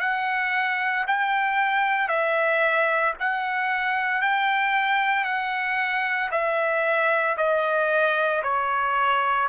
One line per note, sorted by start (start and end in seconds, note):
0.00 1.05 F#5
1.08 2.09 G5
2.09 3.14 E5
3.20 4.22 F#5
4.22 5.25 G5
5.25 6.30 F#5
6.31 7.36 E5
7.37 8.43 D#5
8.43 9.48 C#5